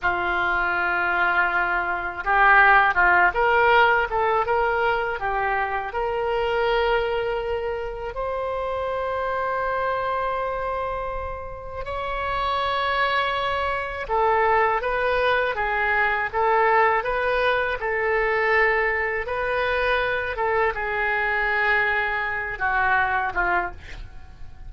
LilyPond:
\new Staff \with { instrumentName = "oboe" } { \time 4/4 \tempo 4 = 81 f'2. g'4 | f'8 ais'4 a'8 ais'4 g'4 | ais'2. c''4~ | c''1 |
cis''2. a'4 | b'4 gis'4 a'4 b'4 | a'2 b'4. a'8 | gis'2~ gis'8 fis'4 f'8 | }